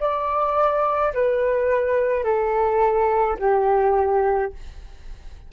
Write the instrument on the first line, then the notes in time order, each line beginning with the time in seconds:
flute
0.00 D5
1.14 B4
2.24 A4
3.39 G4